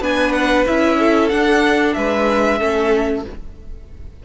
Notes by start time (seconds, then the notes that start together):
0.00 B3 D4 B4 G#5
0.32 F#5
0.65 C#4 E4 E5
0.99 A4
1.29 D4 F#5
1.93 G#3 B4 E5
2.58 A3 C#4 A4